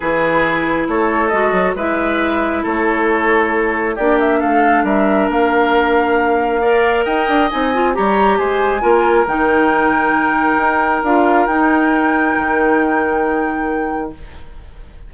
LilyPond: <<
  \new Staff \with { instrumentName = "flute" } { \time 4/4 \tempo 4 = 136 b'2 cis''4 dis''4 | e''2 cis''2~ | cis''4 d''8 e''8 f''4 e''4 | f''1 |
g''4 gis''4 ais''4 gis''4~ | gis''4 g''2.~ | g''4 f''4 g''2~ | g''1 | }
  \new Staff \with { instrumentName = "oboe" } { \time 4/4 gis'2 a'2 | b'2 a'2~ | a'4 g'4 a'4 ais'4~ | ais'2. d''4 |
dis''2 cis''4 c''4 | ais'1~ | ais'1~ | ais'1 | }
  \new Staff \with { instrumentName = "clarinet" } { \time 4/4 e'2. fis'4 | e'1~ | e'4 d'2.~ | d'2. ais'4~ |
ais'4 dis'8 f'8 g'2 | f'4 dis'2.~ | dis'4 f'4 dis'2~ | dis'1 | }
  \new Staff \with { instrumentName = "bassoon" } { \time 4/4 e2 a4 gis8 fis8 | gis2 a2~ | a4 ais4 a4 g4 | ais1 |
dis'8 d'8 c'4 g4 gis4 | ais4 dis2. | dis'4 d'4 dis'2 | dis1 | }
>>